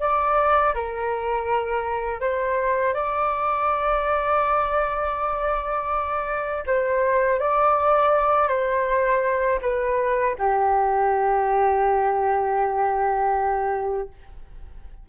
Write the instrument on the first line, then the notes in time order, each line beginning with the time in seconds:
flute
0.00 D5
0.75 A#4
2.21 C5
2.94 D5
6.67 C5
7.40 D5
8.49 C5
9.62 B4
10.39 G4